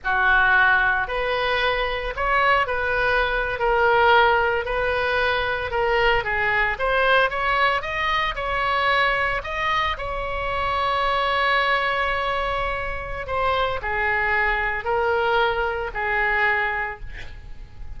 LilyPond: \new Staff \with { instrumentName = "oboe" } { \time 4/4 \tempo 4 = 113 fis'2 b'2 | cis''4 b'4.~ b'16 ais'4~ ais'16~ | ais'8. b'2 ais'4 gis'16~ | gis'8. c''4 cis''4 dis''4 cis''16~ |
cis''4.~ cis''16 dis''4 cis''4~ cis''16~ | cis''1~ | cis''4 c''4 gis'2 | ais'2 gis'2 | }